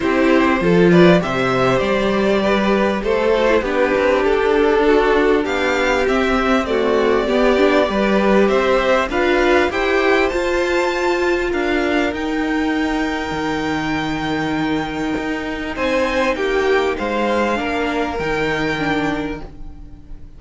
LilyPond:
<<
  \new Staff \with { instrumentName = "violin" } { \time 4/4 \tempo 4 = 99 c''4. d''8 e''4 d''4~ | d''4 c''4 b'4 a'4~ | a'4 f''4 e''4 d''4~ | d''2 e''4 f''4 |
g''4 a''2 f''4 | g''1~ | g''2 gis''4 g''4 | f''2 g''2 | }
  \new Staff \with { instrumentName = "violin" } { \time 4/4 g'4 a'8 b'8 c''2 | b'4 a'4 g'2 | fis'4 g'2 fis'4 | g'4 b'4 c''4 b'4 |
c''2. ais'4~ | ais'1~ | ais'2 c''4 g'4 | c''4 ais'2. | }
  \new Staff \with { instrumentName = "viola" } { \time 4/4 e'4 f'4 g'2~ | g'4. fis'16 e'16 d'2~ | d'2 c'4 a4 | b8 d'8 g'2 f'4 |
g'4 f'2. | dis'1~ | dis'1~ | dis'4 d'4 dis'4 d'4 | }
  \new Staff \with { instrumentName = "cello" } { \time 4/4 c'4 f4 c4 g4~ | g4 a4 b8 c'8 d'4~ | d'4 b4 c'2 | b4 g4 c'4 d'4 |
e'4 f'2 d'4 | dis'2 dis2~ | dis4 dis'4 c'4 ais4 | gis4 ais4 dis2 | }
>>